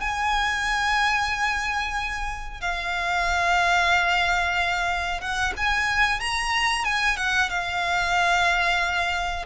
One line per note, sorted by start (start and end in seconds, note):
0.00 2.61 G#5
2.61 5.21 F5
5.21 5.53 F#5
5.57 6.20 G#5
6.20 6.84 A#5
6.84 7.17 G#5
7.17 7.49 F#5
7.50 9.45 F5